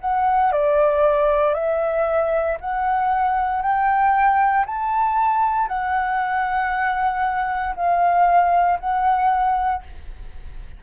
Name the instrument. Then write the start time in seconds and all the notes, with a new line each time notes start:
flute
0.00 F#5
0.52 D5
1.54 E5
2.61 F#5
3.62 G5
4.66 A5
5.68 F#5
7.76 F5
8.79 F#5